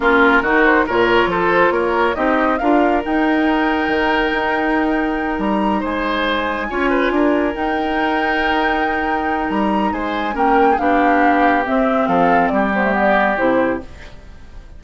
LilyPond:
<<
  \new Staff \with { instrumentName = "flute" } { \time 4/4 \tempo 4 = 139 ais'4. c''8 cis''4 c''4 | cis''4 dis''4 f''4 g''4~ | g''1~ | g''8 ais''4 gis''2~ gis''8~ |
gis''4. g''2~ g''8~ | g''2 ais''4 gis''4 | g''4 f''2 e''4 | f''4 d''8 c''8 d''4 c''4 | }
  \new Staff \with { instrumentName = "oboe" } { \time 4/4 f'4 fis'4 ais'4 a'4 | ais'4 g'4 ais'2~ | ais'1~ | ais'4. c''2 cis''8 |
b'8 ais'2.~ ais'8~ | ais'2. c''4 | ais'8. gis'16 g'2. | a'4 g'2. | }
  \new Staff \with { instrumentName = "clarinet" } { \time 4/4 cis'4 dis'4 f'2~ | f'4 dis'4 f'4 dis'4~ | dis'1~ | dis'2.~ dis'8 f'8~ |
f'4. dis'2~ dis'8~ | dis'1 | cis'4 d'2 c'4~ | c'4. b16 a16 b4 e'4 | }
  \new Staff \with { instrumentName = "bassoon" } { \time 4/4 ais4 dis4 ais,4 f4 | ais4 c'4 d'4 dis'4~ | dis'4 dis4 dis'2~ | dis'8 g4 gis2 cis'8~ |
cis'8 d'4 dis'2~ dis'8~ | dis'2 g4 gis4 | ais4 b2 c'4 | f4 g2 c4 | }
>>